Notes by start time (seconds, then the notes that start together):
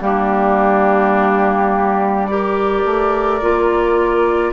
0.00 G3 A#3 D4 G4
2.26 G4 A#4 D5
2.84 A3
3.41 A#3 F4